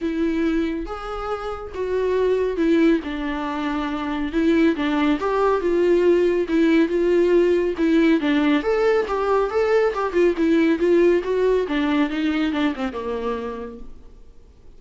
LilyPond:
\new Staff \with { instrumentName = "viola" } { \time 4/4 \tempo 4 = 139 e'2 gis'2 | fis'2 e'4 d'4~ | d'2 e'4 d'4 | g'4 f'2 e'4 |
f'2 e'4 d'4 | a'4 g'4 a'4 g'8 f'8 | e'4 f'4 fis'4 d'4 | dis'4 d'8 c'8 ais2 | }